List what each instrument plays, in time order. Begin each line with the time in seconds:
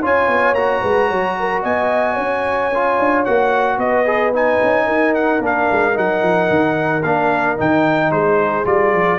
0.00 tuba C#4, trombone F4, horn C#5, trumpet G#5
0.28 tuba B3
0.53 tuba A#3, trombone F#4, trumpet A#5
0.81 tuba G#3, horn B4
1.08 tuba F#3, horn C#5
1.39 horn A#4
1.62 tuba B3, horn D#5, trumpet G#5
2.14 tuba C#4, horn C#5
2.74 trombone F4
2.99 tuba D4
3.25 tuba A#3, trombone F#4, trumpet F#5
3.78 tuba B3, horn B4, trumpet D#5
4.05 trombone G#4
4.33 trombone D#4, trumpet G#5
4.63 tuba C#4
4.86 tuba D#4, horn A#4
5.14 trumpet F#5
5.39 tuba A#3, trombone D4
5.46 trumpet F5
5.71 tuba G#3
5.93 tuba F#3, trombone D#4, trumpet F#5
6.22 tuba F3
6.50 tuba D#3
7.02 tuba A#3, trombone D4, trumpet F5
7.57 tuba D#3, trombone D#4, trumpet G5
8.11 tuba G#3, horn G#4, trumpet C5
8.65 tuba G3, trombone F4, trumpet D5
8.93 tuba F3